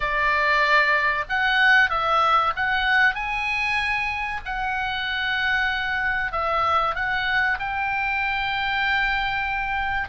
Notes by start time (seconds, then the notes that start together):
0.00 D5
1.29 F#5
1.89 E5
2.56 F#5
3.14 G#5
4.45 F#5
6.32 E5
6.95 F#5
7.59 G5